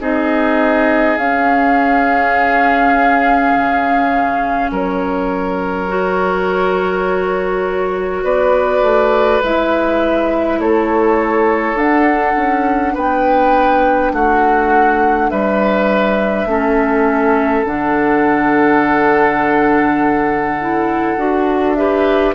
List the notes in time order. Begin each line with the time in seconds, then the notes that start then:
0.00 C4 D#4 G#4 D#5
1.18 C#4 F5
3.57 C#3
4.71 F#3 A#4 C#5
5.88 F#4
8.23 B3 B4 D5
8.82 A3
9.43 G#3 E4 E5
10.59 A3 A4 C#5
11.75 D4 F#5
12.37 C#4
12.94 B3 B4 G5
14.13 A3 F#4 F#5
15.30 G3 B4 E5
16.46 A3 C#4 A4
17.66 D3 D4 F#5
20.61 E4
21.17 D4 F#4
21.75 G4 B4 E5